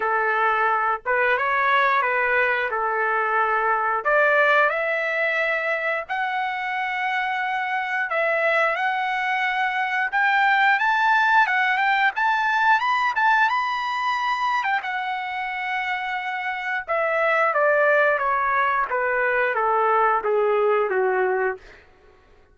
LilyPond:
\new Staff \with { instrumentName = "trumpet" } { \time 4/4 \tempo 4 = 89 a'4. b'8 cis''4 b'4 | a'2 d''4 e''4~ | e''4 fis''2. | e''4 fis''2 g''4 |
a''4 fis''8 g''8 a''4 b''8 a''8 | b''4.~ b''16 g''16 fis''2~ | fis''4 e''4 d''4 cis''4 | b'4 a'4 gis'4 fis'4 | }